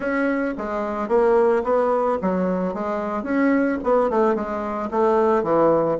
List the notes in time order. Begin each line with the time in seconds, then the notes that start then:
0.00 C#4
0.57 G#3
1.08 A#3
1.63 B3
2.21 F#3
2.74 G#3
3.23 C#4
3.83 B3
4.10 A3
4.35 G#3
4.90 A3
5.43 E3